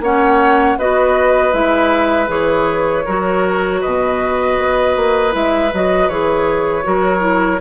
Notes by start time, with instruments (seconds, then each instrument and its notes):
0.00 bassoon A#3, clarinet C#4, oboe C#5, flute F#5
0.78 bassoon B3, clarinet F#4, oboe B4, flute D#5
1.52 bassoon G#3, clarinet E4, flute E5
2.27 bassoon E3, clarinet G#4, flute C#5
3.05 bassoon F#3, clarinet F#4, oboe A#4
3.81 bassoon B2, oboe B4, flute D#5
4.58 bassoon B3
4.96 bassoon A#3
5.31 bassoon G#3, clarinet E4, flute E5
5.73 bassoon F#3, clarinet F#4, flute D#5
6.09 bassoon E3, clarinet G#4, flute C#5
6.83 bassoon F#3, clarinet F#4, oboe A#4
7.19 clarinet E4